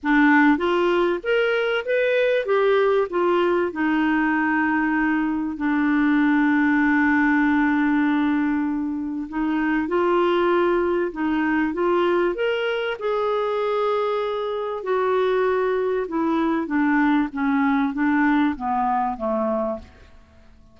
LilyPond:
\new Staff \with { instrumentName = "clarinet" } { \time 4/4 \tempo 4 = 97 d'4 f'4 ais'4 b'4 | g'4 f'4 dis'2~ | dis'4 d'2.~ | d'2. dis'4 |
f'2 dis'4 f'4 | ais'4 gis'2. | fis'2 e'4 d'4 | cis'4 d'4 b4 a4 | }